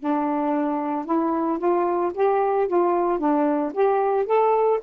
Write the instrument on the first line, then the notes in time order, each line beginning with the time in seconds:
saxophone
0.00 D4
1.05 E4
1.59 F4
2.14 G4
2.68 F4
3.19 D4
3.74 G4
4.26 A4